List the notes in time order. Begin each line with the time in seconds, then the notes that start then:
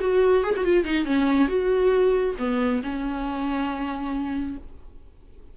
0.00 F#4
0.43 G#4
0.56 F#4
0.64 F4
0.84 D#4
1.05 C#4
1.48 F#4
2.38 B3
2.83 C#4